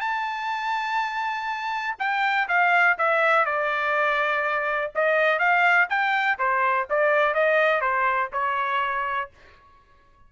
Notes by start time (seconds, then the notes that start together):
0.00 A5
1.99 G5
2.48 F5
2.98 E5
3.45 D5
4.95 D#5
5.39 F5
5.89 G5
6.39 C5
6.90 D5
7.34 D#5
7.81 C5
8.33 C#5